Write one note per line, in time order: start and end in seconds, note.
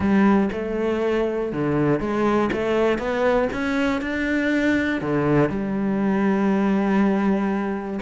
0.00 0.49 G3
0.52 1.52 A3
1.52 2.00 D3
2.00 2.50 G#3
2.52 2.98 A3
2.98 3.48 B3
3.52 4.01 C#4
4.01 5.01 D4
5.01 5.49 D3
5.49 7.99 G3